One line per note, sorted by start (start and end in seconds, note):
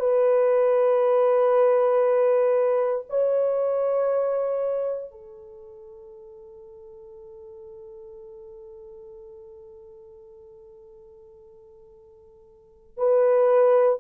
0.00 3.05 B4
3.09 5.11 C#5
5.11 12.97 A4
12.97 13.99 B4